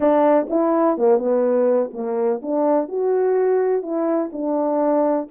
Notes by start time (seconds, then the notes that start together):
0.00 D4
0.49 E4
0.97 A#3
1.18 B3
1.93 A#3
2.42 D4
2.88 F#4
3.82 E4
4.32 D4